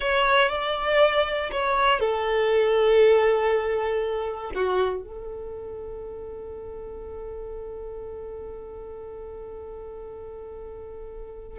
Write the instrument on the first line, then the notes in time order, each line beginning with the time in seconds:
violin
0.00 C#5
0.49 D5
1.51 C#5
2.00 A4
4.54 F#4
5.03 A4